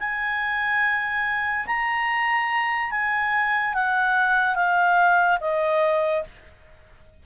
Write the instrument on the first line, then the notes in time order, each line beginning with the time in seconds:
clarinet
0.00 G#5
1.67 A#5
2.91 G#5
3.75 F#5
4.55 F5
5.41 D#5